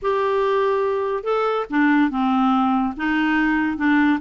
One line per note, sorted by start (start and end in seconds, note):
0.02 1.23 G4
1.23 1.65 A4
1.70 2.10 D4
2.10 2.94 C4
2.96 3.77 D#4
3.77 4.19 D4